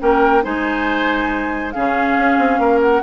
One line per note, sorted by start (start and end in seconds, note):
0.00 0.45 A#3
0.00 0.43 C#4
0.00 0.44 A#4
0.00 0.44 G5
0.43 1.76 G#3
0.43 1.74 D#4
0.43 1.75 C5
0.43 1.72 G#5
1.72 2.18 C#3
1.72 3.03 C#4
1.72 2.61 G#4
1.72 2.80 F5
2.18 2.39 C#4
2.39 2.59 C4
2.59 3.02 A#3
2.59 3.03 A#4
2.82 3.03 F#5